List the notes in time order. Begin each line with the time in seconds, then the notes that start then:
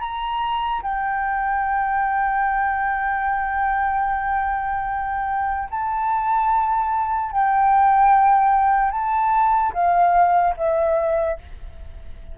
0.00 A#5
0.82 G5
5.70 A5
7.31 G5
8.91 A5
9.73 F5
10.56 E5